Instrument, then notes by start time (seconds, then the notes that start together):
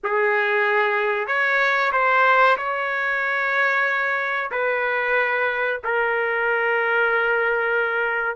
trumpet
0.03 G#4
1.27 C#5
1.92 C5
2.57 C#5
4.51 B4
5.84 A#4